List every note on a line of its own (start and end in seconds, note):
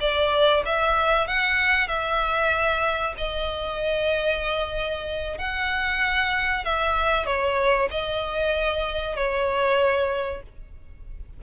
0.00 0.63 D5
0.65 1.27 E5
1.27 1.87 F#5
1.87 3.14 E5
3.17 5.38 D#5
5.38 6.64 F#5
6.64 7.25 E5
7.25 7.89 C#5
7.90 9.16 D#5
9.16 10.42 C#5